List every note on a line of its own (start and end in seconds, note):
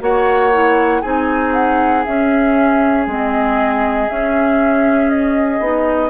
0.00 1.03 A#3
0.00 0.51 F#4
0.00 1.02 C#5
0.00 1.01 F#5
0.52 1.03 E4
1.01 2.06 C4
1.01 2.05 D#4
1.01 6.10 G#4
1.01 1.52 G#5
1.53 2.04 F#5
2.04 3.08 C#4
2.04 3.07 C#4
2.04 3.06 E5
3.07 4.08 G#3
3.07 4.09 C4
3.07 4.08 D#5
4.08 5.61 C#4
4.08 5.60 C#4
4.08 5.10 E5
5.10 6.10 D#5
5.60 6.10 B3
5.60 6.10 D#4